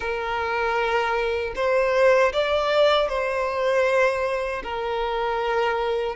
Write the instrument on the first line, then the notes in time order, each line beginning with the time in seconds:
violin
0.00 A#4
1.55 C5
2.32 D5
3.08 C5
4.63 A#4